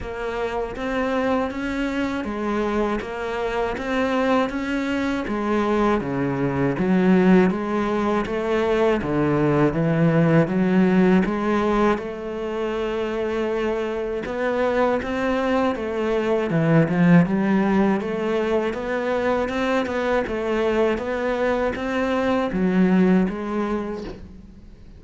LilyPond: \new Staff \with { instrumentName = "cello" } { \time 4/4 \tempo 4 = 80 ais4 c'4 cis'4 gis4 | ais4 c'4 cis'4 gis4 | cis4 fis4 gis4 a4 | d4 e4 fis4 gis4 |
a2. b4 | c'4 a4 e8 f8 g4 | a4 b4 c'8 b8 a4 | b4 c'4 fis4 gis4 | }